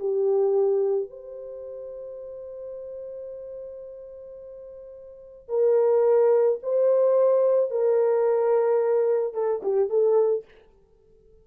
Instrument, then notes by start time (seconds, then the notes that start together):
horn
0.00 G4
1.10 C5
5.49 A#4
6.63 C5
7.71 A#4
9.34 A4
9.63 G4
9.90 A4